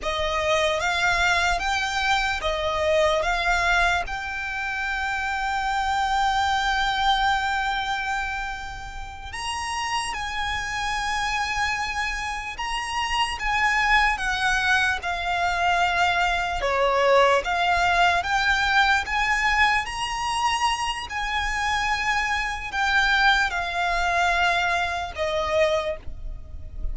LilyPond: \new Staff \with { instrumentName = "violin" } { \time 4/4 \tempo 4 = 74 dis''4 f''4 g''4 dis''4 | f''4 g''2.~ | g''2.~ g''8 ais''8~ | ais''8 gis''2. ais''8~ |
ais''8 gis''4 fis''4 f''4.~ | f''8 cis''4 f''4 g''4 gis''8~ | gis''8 ais''4. gis''2 | g''4 f''2 dis''4 | }